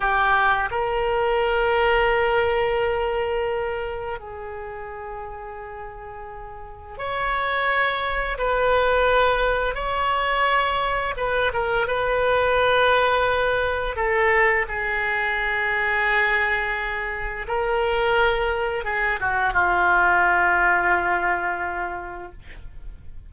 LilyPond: \new Staff \with { instrumentName = "oboe" } { \time 4/4 \tempo 4 = 86 g'4 ais'2.~ | ais'2 gis'2~ | gis'2 cis''2 | b'2 cis''2 |
b'8 ais'8 b'2. | a'4 gis'2.~ | gis'4 ais'2 gis'8 fis'8 | f'1 | }